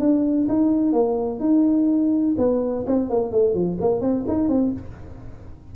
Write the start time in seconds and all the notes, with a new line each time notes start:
0.00 D4
0.49 D#4
0.93 A#3
1.40 D#4
2.38 B3
2.87 C4
3.10 A#3
3.32 A3
3.54 F3
3.81 A#3
4.01 C4
4.28 D#4
4.49 C4